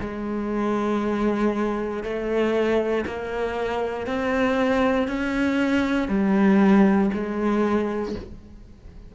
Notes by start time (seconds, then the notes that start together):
0.00 G#3
2.03 A3
3.06 A#3
4.07 C4
5.08 C#4
6.08 G3
7.13 G#3